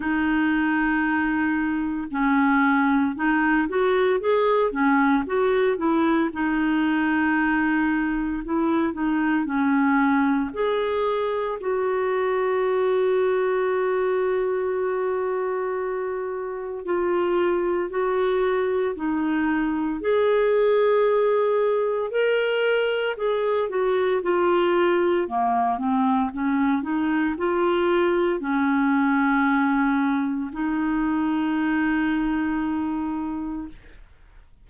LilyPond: \new Staff \with { instrumentName = "clarinet" } { \time 4/4 \tempo 4 = 57 dis'2 cis'4 dis'8 fis'8 | gis'8 cis'8 fis'8 e'8 dis'2 | e'8 dis'8 cis'4 gis'4 fis'4~ | fis'1 |
f'4 fis'4 dis'4 gis'4~ | gis'4 ais'4 gis'8 fis'8 f'4 | ais8 c'8 cis'8 dis'8 f'4 cis'4~ | cis'4 dis'2. | }